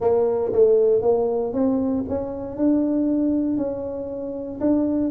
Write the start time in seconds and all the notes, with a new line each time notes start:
0.00 A#3
0.52 A3
1.01 A#3
1.53 C4
2.08 C#4
2.56 D4
3.57 C#4
4.60 D4